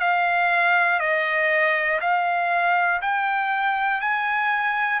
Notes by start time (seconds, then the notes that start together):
0.00 F5
0.99 D#5
2.00 F5
3.01 G5
4.00 G#5